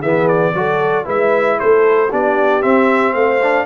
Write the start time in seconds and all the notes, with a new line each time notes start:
0.00 E3 B3 G#4 E5
0.28 D5
0.53 F#3 F#4 A4
1.05 G#3 E4 B4 E5
1.59 A3 A4 C5
2.10 B3 D4 G4 D5
2.62 C4 E5
3.14 A3 C5 F5
3.42 D4